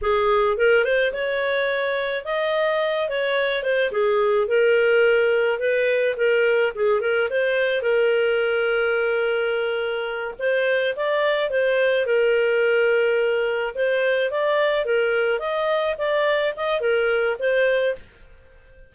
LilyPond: \new Staff \with { instrumentName = "clarinet" } { \time 4/4 \tempo 4 = 107 gis'4 ais'8 c''8 cis''2 | dis''4. cis''4 c''8 gis'4 | ais'2 b'4 ais'4 | gis'8 ais'8 c''4 ais'2~ |
ais'2~ ais'8 c''4 d''8~ | d''8 c''4 ais'2~ ais'8~ | ais'8 c''4 d''4 ais'4 dis''8~ | dis''8 d''4 dis''8 ais'4 c''4 | }